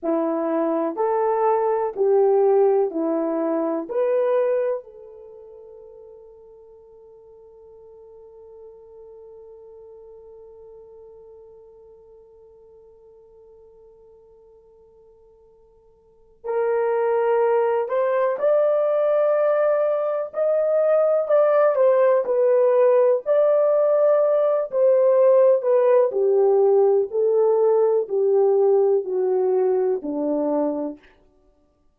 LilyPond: \new Staff \with { instrumentName = "horn" } { \time 4/4 \tempo 4 = 62 e'4 a'4 g'4 e'4 | b'4 a'2.~ | a'1~ | a'1~ |
a'4 ais'4. c''8 d''4~ | d''4 dis''4 d''8 c''8 b'4 | d''4. c''4 b'8 g'4 | a'4 g'4 fis'4 d'4 | }